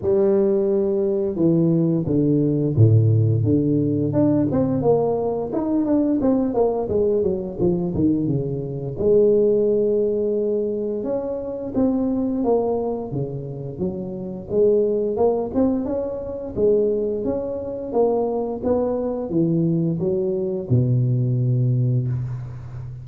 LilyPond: \new Staff \with { instrumentName = "tuba" } { \time 4/4 \tempo 4 = 87 g2 e4 d4 | a,4 d4 d'8 c'8 ais4 | dis'8 d'8 c'8 ais8 gis8 fis8 f8 dis8 | cis4 gis2. |
cis'4 c'4 ais4 cis4 | fis4 gis4 ais8 c'8 cis'4 | gis4 cis'4 ais4 b4 | e4 fis4 b,2 | }